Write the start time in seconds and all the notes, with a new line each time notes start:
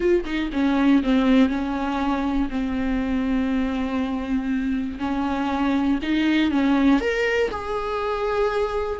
0.00 F4
0.25 D#4
0.53 C#4
1.02 C4
1.49 C#4
2.50 C4
4.99 C#4
6.02 D#4
6.51 C#4
7.00 A#4
7.50 G#4